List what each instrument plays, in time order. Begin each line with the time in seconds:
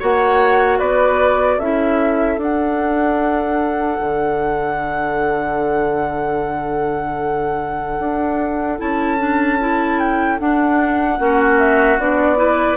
0.00 bassoon A#3, clarinet F#4, oboe C#5, flute F#5
0.79 bassoon B3, oboe B4, flute D5
1.58 bassoon C#4, clarinet E4, oboe A4, flute E5
2.38 bassoon D4, clarinet D4, flute F#5
4.01 bassoon D3
7.99 bassoon D4
8.78 bassoon C#4, clarinet E4, flute A5
9.19 clarinet D4
9.60 clarinet E4
9.99 flute G5
10.39 clarinet D4, bassoon D4, flute F#5
11.19 bassoon A#3, clarinet C#4, oboe F#4
11.59 flute E5
11.99 bassoon B3, clarinet D4, flute D5
12.37 clarinet E4, oboe B4